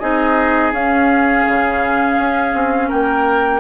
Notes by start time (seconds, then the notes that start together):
0.00 C4 D#4 G#4 D#5
0.72 C#4 F5
1.48 C#3
2.19 C#4
2.55 C4
2.88 A#3 A#4 G5